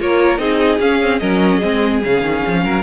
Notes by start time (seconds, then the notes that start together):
0.00 A#3 F4 A#4 C#5
0.39 C4 D#4 G#4 D#5
0.80 C#4 F5
1.02 C4
1.20 F#3 C#4 A#4 D#5
1.58 G#3 C4 G#4
2.04 C#3 C#4 F5
2.22 D#3
2.47 F3
2.65 F#3 A#4